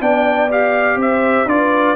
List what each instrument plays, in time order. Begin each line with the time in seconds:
0.00 tuba B3, trombone D4, horn D5, trumpet G5
0.50 trombone G4, trumpet F5
0.96 tuba C4, horn C5, trumpet E5
1.45 tuba D4, trombone F4, horn B4, trumpet D5